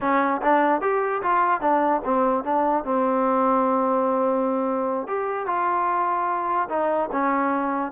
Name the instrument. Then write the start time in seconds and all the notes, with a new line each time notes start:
trombone
0.00 C#4
0.41 D4
0.81 G4
1.22 F4
1.61 D4
2.04 C4
2.43 D4
2.84 C4
5.07 G4
5.46 F4
6.69 D#4
7.11 C#4